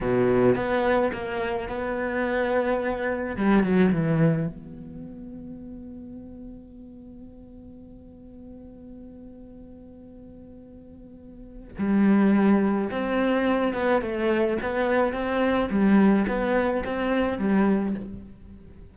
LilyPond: \new Staff \with { instrumentName = "cello" } { \time 4/4 \tempo 4 = 107 b,4 b4 ais4 b4~ | b2 g8 fis8 e4 | b1~ | b1~ |
b1~ | b4 g2 c'4~ | c'8 b8 a4 b4 c'4 | g4 b4 c'4 g4 | }